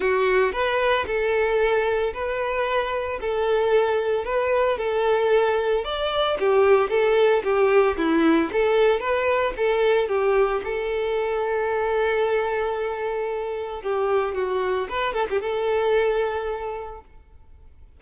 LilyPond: \new Staff \with { instrumentName = "violin" } { \time 4/4 \tempo 4 = 113 fis'4 b'4 a'2 | b'2 a'2 | b'4 a'2 d''4 | g'4 a'4 g'4 e'4 |
a'4 b'4 a'4 g'4 | a'1~ | a'2 g'4 fis'4 | b'8 a'16 g'16 a'2. | }